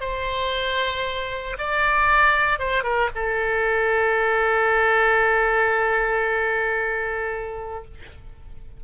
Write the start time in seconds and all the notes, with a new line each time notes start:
0.00 C5
1.58 D5
2.58 C5
2.83 A#4
3.14 A4